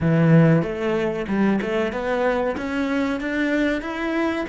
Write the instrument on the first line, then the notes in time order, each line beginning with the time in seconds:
cello
0.00 E3
0.62 A3
1.28 G3
1.61 A3
1.92 B3
2.57 C#4
3.20 D4
3.81 E4